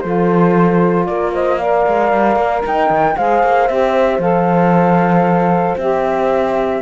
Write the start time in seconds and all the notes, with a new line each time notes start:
0.00 F3 F4 A4 C5
1.06 A#3 A#4 D5
1.34 C5 D#5
1.58 A#4 D5 F5
1.87 G#3
2.12 G3
2.36 A#3
2.66 D#4 D#5 G5
2.90 D#3
3.16 G#3 G#4 C5 F5
3.43 A#3
3.68 C4 G4 E5
4.19 F3 A4 F5
5.78 C4 G4 E5